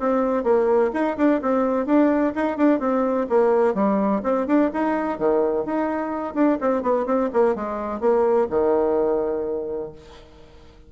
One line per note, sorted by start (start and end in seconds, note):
0.00 0.44 C4
0.44 0.91 A#3
0.94 1.17 D#4
1.17 1.41 D4
1.42 1.86 C4
1.86 2.33 D4
2.36 2.57 D#4
2.57 2.80 D4
2.80 3.27 C4
3.29 3.75 A#3
3.75 4.22 G3
4.23 4.47 C4
4.47 4.71 D4
4.74 5.18 D#4
5.18 5.65 D#3
5.65 6.35 D#4
6.35 6.58 D4
6.61 6.83 C4
6.83 7.06 B3
7.06 7.30 C4
7.33 7.55 A#3
7.55 8.01 G#3
8.01 8.48 A#3
8.50 9.92 D#3